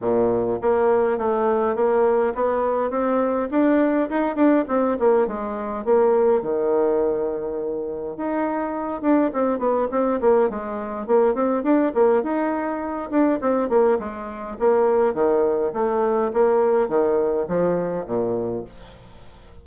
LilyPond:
\new Staff \with { instrumentName = "bassoon" } { \time 4/4 \tempo 4 = 103 ais,4 ais4 a4 ais4 | b4 c'4 d'4 dis'8 d'8 | c'8 ais8 gis4 ais4 dis4~ | dis2 dis'4. d'8 |
c'8 b8 c'8 ais8 gis4 ais8 c'8 | d'8 ais8 dis'4. d'8 c'8 ais8 | gis4 ais4 dis4 a4 | ais4 dis4 f4 ais,4 | }